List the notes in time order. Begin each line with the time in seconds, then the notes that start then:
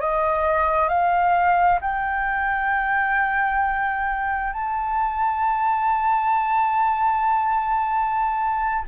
0.00 D#5
0.88 F5
1.81 G5
4.53 A5